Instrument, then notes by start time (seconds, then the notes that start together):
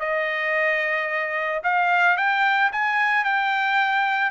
trumpet
0.00 D#5
1.64 F5
2.17 G5
2.72 G#5
3.25 G5